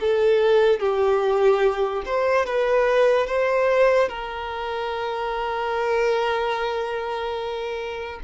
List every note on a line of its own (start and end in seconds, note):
0.00 0.80 A4
0.80 2.03 G4
2.05 2.46 C5
2.46 3.27 B4
3.27 4.09 C5
4.09 8.20 A#4